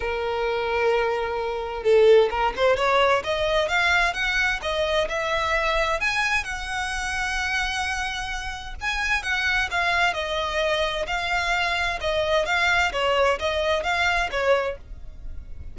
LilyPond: \new Staff \with { instrumentName = "violin" } { \time 4/4 \tempo 4 = 130 ais'1 | a'4 ais'8 c''8 cis''4 dis''4 | f''4 fis''4 dis''4 e''4~ | e''4 gis''4 fis''2~ |
fis''2. gis''4 | fis''4 f''4 dis''2 | f''2 dis''4 f''4 | cis''4 dis''4 f''4 cis''4 | }